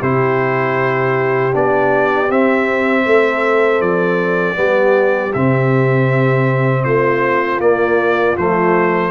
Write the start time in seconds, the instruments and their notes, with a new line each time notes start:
0.00 tuba C3, trombone E4, horn G4, trumpet C5
1.53 tuba B3, trombone D4, trumpet D5
2.30 trombone C4, tuba C4, trumpet E5
3.06 tuba A3, horn A4
3.81 tuba F3, trumpet D5
4.55 tuba G3, trombone B3, horn G4
5.34 tuba C3, trombone C4, trumpet E5
6.84 tuba A3, horn F4, trumpet C5
7.60 tuba A#3, trombone A#3, trumpet D5
8.37 tuba F3, trombone A3, trumpet C5